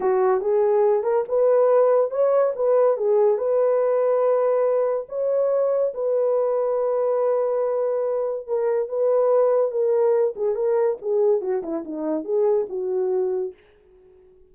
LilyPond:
\new Staff \with { instrumentName = "horn" } { \time 4/4 \tempo 4 = 142 fis'4 gis'4. ais'8 b'4~ | b'4 cis''4 b'4 gis'4 | b'1 | cis''2 b'2~ |
b'1 | ais'4 b'2 ais'4~ | ais'8 gis'8 ais'4 gis'4 fis'8 e'8 | dis'4 gis'4 fis'2 | }